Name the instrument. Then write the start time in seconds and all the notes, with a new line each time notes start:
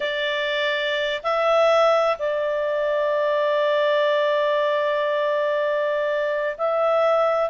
clarinet
0.00 D5
1.23 E5
2.18 D5
6.57 E5